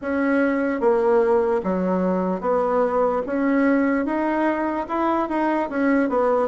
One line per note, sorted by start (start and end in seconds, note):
0.01 0.80 C#4
0.80 1.61 A#3
1.63 2.41 F#3
2.41 3.22 B3
3.26 4.05 C#4
4.05 4.86 D#4
4.88 5.28 E4
5.28 5.69 D#4
5.69 6.09 C#4
6.09 6.48 B3